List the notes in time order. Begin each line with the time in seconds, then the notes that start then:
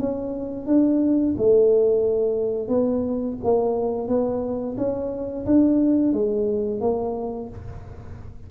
0.00 C#4
0.67 D4
1.38 A3
2.69 B3
3.44 A#3
4.08 B3
4.78 C#4
5.46 D4
6.13 G#3
6.81 A#3